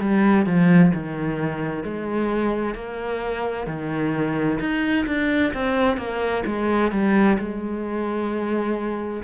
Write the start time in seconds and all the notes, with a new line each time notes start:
0.00 G3
0.46 F3
0.94 D#3
1.84 G#3
2.75 A#3
3.67 D#3
4.60 D#4
5.07 D4
5.54 C4
5.97 A#3
6.46 G#3
6.92 G3
7.38 G#3